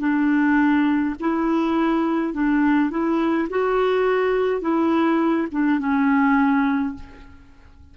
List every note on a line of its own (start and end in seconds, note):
0.00 1.15 D4
1.20 2.34 E4
2.34 2.91 D4
2.91 3.48 E4
3.50 4.62 F#4
4.62 5.48 E4
5.52 5.80 D4
5.80 6.95 C#4